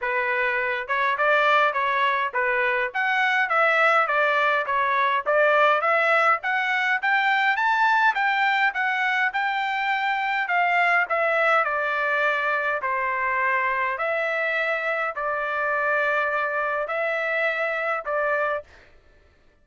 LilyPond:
\new Staff \with { instrumentName = "trumpet" } { \time 4/4 \tempo 4 = 103 b'4. cis''8 d''4 cis''4 | b'4 fis''4 e''4 d''4 | cis''4 d''4 e''4 fis''4 | g''4 a''4 g''4 fis''4 |
g''2 f''4 e''4 | d''2 c''2 | e''2 d''2~ | d''4 e''2 d''4 | }